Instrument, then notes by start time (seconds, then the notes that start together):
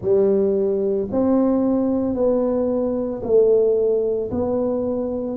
tuba
0.01 G3
1.11 C4
2.14 B3
3.23 A3
4.31 B3